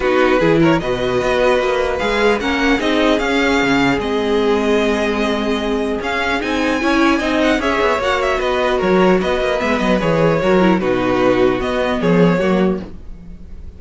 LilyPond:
<<
  \new Staff \with { instrumentName = "violin" } { \time 4/4 \tempo 4 = 150 b'4. cis''8 dis''2~ | dis''4 f''4 fis''4 dis''4 | f''2 dis''2~ | dis''2. f''4 |
gis''2~ gis''8 fis''8 e''4 | fis''8 e''8 dis''4 cis''4 dis''4 | e''8 dis''8 cis''2 b'4~ | b'4 dis''4 cis''2 | }
  \new Staff \with { instrumentName = "violin" } { \time 4/4 fis'4 gis'8 ais'8 b'2~ | b'2 ais'4 gis'4~ | gis'1~ | gis'1~ |
gis'4 cis''4 dis''4 cis''4~ | cis''4 b'4 ais'4 b'4~ | b'2 ais'4 fis'4~ | fis'2 gis'4 fis'4 | }
  \new Staff \with { instrumentName = "viola" } { \time 4/4 dis'4 e'4 fis'2~ | fis'4 gis'4 cis'4 dis'4 | cis'2 c'2~ | c'2. cis'4 |
dis'4 e'4 dis'4 gis'4 | fis'1 | b4 gis'4 fis'8 e'8 dis'4~ | dis'4 b2 ais4 | }
  \new Staff \with { instrumentName = "cello" } { \time 4/4 b4 e4 b,4 b4 | ais4 gis4 ais4 c'4 | cis'4 cis4 gis2~ | gis2. cis'4 |
c'4 cis'4 c'4 cis'8 b8 | ais4 b4 fis4 b8 ais8 | gis8 fis8 e4 fis4 b,4~ | b,4 b4 f4 fis4 | }
>>